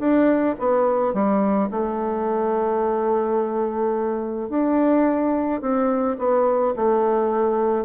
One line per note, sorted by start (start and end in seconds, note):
0.00 0.56 D4
0.60 1.14 B3
1.14 1.70 G3
1.71 4.50 A3
4.50 5.62 D4
5.62 6.18 C4
6.19 6.75 B3
6.76 7.85 A3